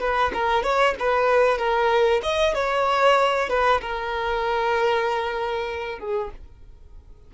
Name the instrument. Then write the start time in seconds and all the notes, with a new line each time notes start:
violin
0.00 B4
0.33 A#4
0.63 C#5
0.99 B4
1.58 A#4
2.23 D#5
2.54 C#5
3.49 B4
3.81 A#4
5.99 G#4